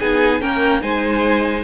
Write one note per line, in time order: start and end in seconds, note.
0.00 0.42 B3
0.00 0.41 D#4
0.00 0.41 G#4
0.00 0.42 G#5
0.41 0.83 A#3
0.41 0.81 C#4
0.41 0.82 A#4
0.41 0.82 G5
0.81 1.64 G#3
0.81 1.64 D#4
0.81 1.64 C5
0.81 1.64 G#5